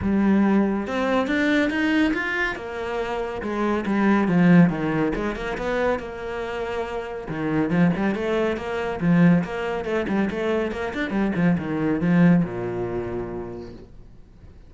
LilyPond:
\new Staff \with { instrumentName = "cello" } { \time 4/4 \tempo 4 = 140 g2 c'4 d'4 | dis'4 f'4 ais2 | gis4 g4 f4 dis4 | gis8 ais8 b4 ais2~ |
ais4 dis4 f8 g8 a4 | ais4 f4 ais4 a8 g8 | a4 ais8 d'8 g8 f8 dis4 | f4 ais,2. | }